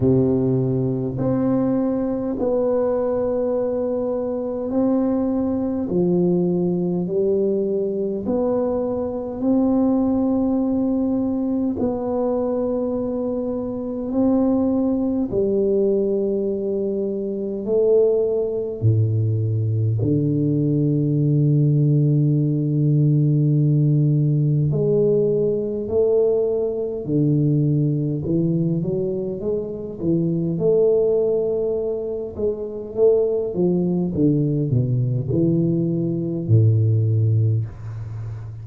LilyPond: \new Staff \with { instrumentName = "tuba" } { \time 4/4 \tempo 4 = 51 c4 c'4 b2 | c'4 f4 g4 b4 | c'2 b2 | c'4 g2 a4 |
a,4 d2.~ | d4 gis4 a4 d4 | e8 fis8 gis8 e8 a4. gis8 | a8 f8 d8 b,8 e4 a,4 | }